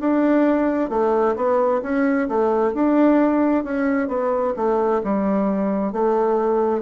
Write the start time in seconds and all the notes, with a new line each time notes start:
0.00 D4
0.90 A3
1.36 B3
1.83 C#4
2.29 A3
2.74 D4
3.64 C#4
4.08 B3
4.56 A3
5.03 G3
5.92 A3